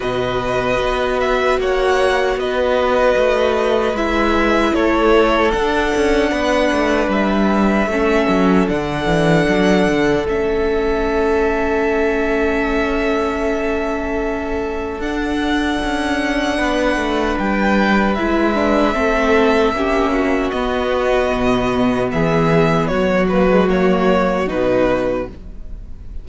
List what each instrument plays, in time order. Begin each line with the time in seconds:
0.00 cello B2, viola F#4, violin B4 D#5
0.79 cello B3
1.20 violin E5
1.58 cello A#3, violin C#5 F#5
2.36 cello B3, violin B4 D#5
3.16 cello A3
3.92 cello G#3, viola E4, violin E5
4.74 cello A3, violin A4 C#5
5.51 viola D4, cello D4, violin F#5
5.95 cello C#4
6.31 cello B3, violin B4
6.72 cello A3
7.08 cello G3, violin E5
7.86 cello A3, viola C#4, violin A4
8.28 cello F#3
8.68 cello D3, viola D4, violin F#5
9.06 cello E3
9.48 cello F#3
9.88 cello D3
10.25 cello A3, viola C#4, violin E5
14.99 cello D4, viola D4, violin F#5
15.83 cello C#4
16.57 cello B3, violin B4
16.96 cello A3
17.38 cello G3, violin G5
18.14 cello G#3, viola E4, violin E5
18.54 viola D4
18.93 cello A3, viola C4, violin A4
19.72 cello A#3, viola C#4, violin G4
20.12 violin F#4
20.50 cello B3, viola B3, violin D#5
21.32 cello B2
22.11 cello E3, violin G#4 E5
22.87 cello F#3, violin F#4 C#5
23.28 viola A#3, violin B4
23.50 viola G#3
23.68 viola A#3, violin C#5
24.46 cello B2, viola D#4, violin B4